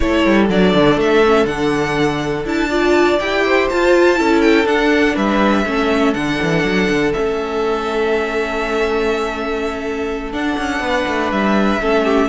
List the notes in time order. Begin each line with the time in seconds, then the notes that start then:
0.00 A3 E4 A4 C#5
0.25 G3
0.49 F#3 D4 D5
0.74 D3
0.96 A3 E5
1.25 C#4
1.45 D3 D4 F#5
2.44 D4 E4 A5
2.69 F4 D5
3.19 E4 G4 G5
3.45 C5
3.69 F4 A5
4.15 C#4 E4 A4
4.41 G5
4.65 D4 F#5
5.14 G3 B4 E5
5.65 A3 C#4 A4
6.13 D3 D4 F#5
6.42 E3
6.64 F#3
6.89 D3
7.13 A3 C#4 E5
10.32 D4 F#5
10.58 C#4
10.80 B3 B4
11.07 A3
11.31 G3 E5
11.80 A3 C#4 A4
12.04 G4